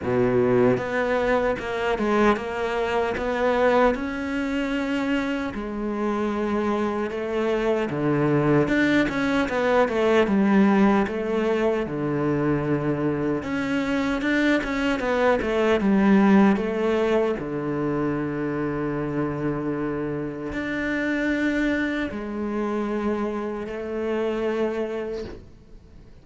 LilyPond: \new Staff \with { instrumentName = "cello" } { \time 4/4 \tempo 4 = 76 b,4 b4 ais8 gis8 ais4 | b4 cis'2 gis4~ | gis4 a4 d4 d'8 cis'8 | b8 a8 g4 a4 d4~ |
d4 cis'4 d'8 cis'8 b8 a8 | g4 a4 d2~ | d2 d'2 | gis2 a2 | }